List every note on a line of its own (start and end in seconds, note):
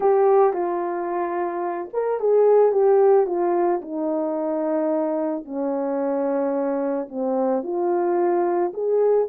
0.00 0.53 G4
0.53 1.89 F4
1.93 2.20 A#4
2.20 2.72 G#4
2.72 3.26 G4
3.26 3.81 F4
3.81 5.44 D#4
5.44 7.08 C#4
7.09 7.63 C4
7.63 8.72 F4
8.73 9.28 G#4